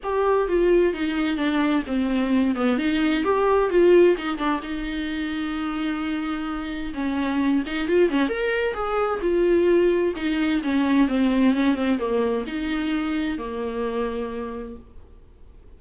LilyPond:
\new Staff \with { instrumentName = "viola" } { \time 4/4 \tempo 4 = 130 g'4 f'4 dis'4 d'4 | c'4. b8 dis'4 g'4 | f'4 dis'8 d'8 dis'2~ | dis'2. cis'4~ |
cis'8 dis'8 f'8 cis'8 ais'4 gis'4 | f'2 dis'4 cis'4 | c'4 cis'8 c'8 ais4 dis'4~ | dis'4 ais2. | }